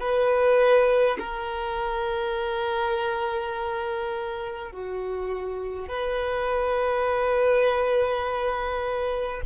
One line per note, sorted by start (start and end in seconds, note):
0.00 1.18 B4
1.19 4.72 A#4
4.72 5.88 F#4
5.88 9.41 B4